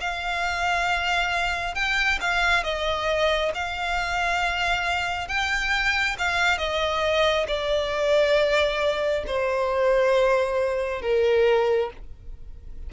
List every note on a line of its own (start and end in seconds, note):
0.00 1.74 F5
1.74 2.19 G5
2.20 2.63 F5
2.63 3.51 D#5
3.54 5.28 F5
5.28 6.16 G5
6.18 6.58 F5
6.58 7.46 D#5
7.47 9.24 D5
9.26 11.01 C5
11.01 11.90 A#4